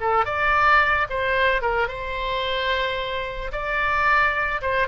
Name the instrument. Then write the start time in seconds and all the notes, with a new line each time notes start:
oboe
0.00 A4
0.25 D5
1.09 C5
1.61 A#4
1.88 C5
3.52 D5
4.61 C5